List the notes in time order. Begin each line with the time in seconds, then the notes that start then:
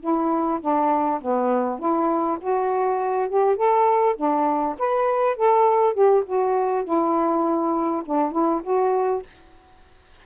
0.00 E4
0.61 D4
1.21 B3
1.79 E4
2.40 F#4
3.29 G4
3.56 A4
4.16 D4
4.78 B4
5.36 A4
5.94 G4
6.26 F#4
6.84 E4
8.05 D4
8.31 E4
8.63 F#4